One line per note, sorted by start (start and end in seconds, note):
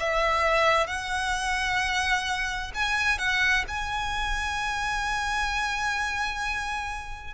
0.00 0.87 E5
0.87 2.72 F#5
2.75 3.19 G#5
3.19 3.65 F#5
3.69 7.35 G#5